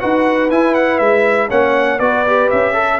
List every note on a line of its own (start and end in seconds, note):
0.00 0.50 D#4
0.00 0.50 F#4
0.00 1.49 B4
0.00 0.50 F#5
0.50 1.00 E4
0.50 1.49 E4
0.50 0.74 G#5
0.74 0.98 F#5
0.98 1.50 G#3
0.98 1.48 E5
1.49 2.00 A#3
1.49 1.99 C#4
1.49 1.99 C#5
1.49 1.99 F#5
1.99 2.50 B3
1.99 2.26 F#4
1.99 2.74 B4
1.99 2.49 D5
2.27 2.74 G4
2.50 3.00 C#4
2.50 3.00 E5
2.74 2.99 A4
2.74 3.00 A4